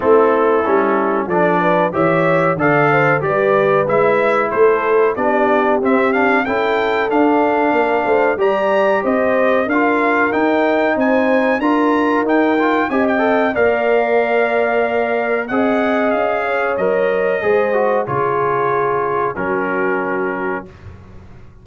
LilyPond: <<
  \new Staff \with { instrumentName = "trumpet" } { \time 4/4 \tempo 4 = 93 a'2 d''4 e''4 | f''4 d''4 e''4 c''4 | d''4 e''8 f''8 g''4 f''4~ | f''4 ais''4 dis''4 f''4 |
g''4 gis''4 ais''4 g''4 | gis''16 g''8. f''2. | fis''4 f''4 dis''2 | cis''2 ais'2 | }
  \new Staff \with { instrumentName = "horn" } { \time 4/4 e'2 a'8 b'8 cis''4 | d''8 c''8 b'2 a'4 | g'2 a'2 | ais'8 c''8 d''4 c''4 ais'4~ |
ais'4 c''4 ais'2 | dis''4 d''2. | dis''4. cis''4. c''4 | gis'2 fis'2 | }
  \new Staff \with { instrumentName = "trombone" } { \time 4/4 c'4 cis'4 d'4 g'4 | a'4 g'4 e'2 | d'4 c'8 d'8 e'4 d'4~ | d'4 g'2 f'4 |
dis'2 f'4 dis'8 f'8 | g'8 a'8 ais'2. | gis'2 ais'4 gis'8 fis'8 | f'2 cis'2 | }
  \new Staff \with { instrumentName = "tuba" } { \time 4/4 a4 g4 f4 e4 | d4 g4 gis4 a4 | b4 c'4 cis'4 d'4 | ais8 a8 g4 c'4 d'4 |
dis'4 c'4 d'4 dis'4 | c'4 ais2. | c'4 cis'4 fis4 gis4 | cis2 fis2 | }
>>